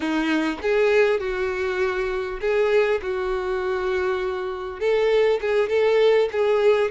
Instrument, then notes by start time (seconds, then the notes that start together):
violin
0.00 D#4
0.62 G#4
1.20 F#4
2.41 G#4
3.02 F#4
4.79 A4
5.41 G#4
5.69 A4
6.32 G#4